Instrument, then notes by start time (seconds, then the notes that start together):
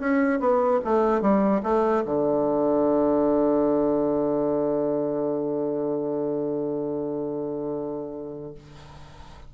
bassoon
0.00 C#4
0.40 B3
0.85 A3
1.22 G3
1.63 A3
2.06 D3